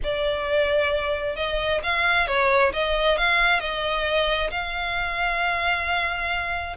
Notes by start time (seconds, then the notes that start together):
0.03 D5
1.36 D#5
1.83 F5
2.27 C#5
2.73 D#5
3.17 F5
3.60 D#5
4.51 F5